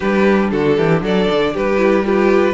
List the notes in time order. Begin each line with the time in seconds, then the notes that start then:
0.00 G3 D4 G4 B4
0.50 D3 F#4 A4
0.76 E3 G4
1.01 F#3 A4 D5
1.30 D3
1.53 G3 G4 B4
1.77 E4
2.05 F4 G4 B4